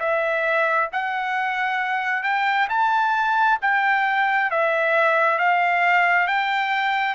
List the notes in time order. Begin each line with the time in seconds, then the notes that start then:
0.00 E5
0.93 F#5
2.23 G5
2.69 A5
3.62 G5
4.51 E5
5.39 F5
6.27 G5